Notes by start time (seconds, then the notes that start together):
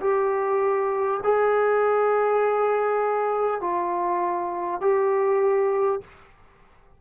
0.00 G4
1.23 G#4
3.60 F4
4.80 G4